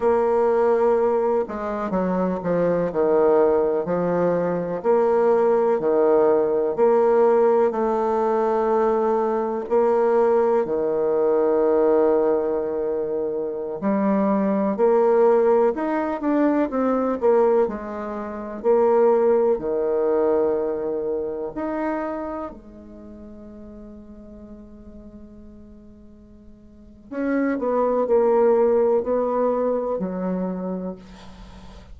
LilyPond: \new Staff \with { instrumentName = "bassoon" } { \time 4/4 \tempo 4 = 62 ais4. gis8 fis8 f8 dis4 | f4 ais4 dis4 ais4 | a2 ais4 dis4~ | dis2~ dis16 g4 ais8.~ |
ais16 dis'8 d'8 c'8 ais8 gis4 ais8.~ | ais16 dis2 dis'4 gis8.~ | gis1 | cis'8 b8 ais4 b4 fis4 | }